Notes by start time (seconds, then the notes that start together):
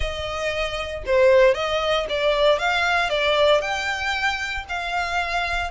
0.00 D#5
1.06 C5
1.54 D#5
2.09 D5
2.58 F5
3.09 D5
3.61 G5
4.68 F5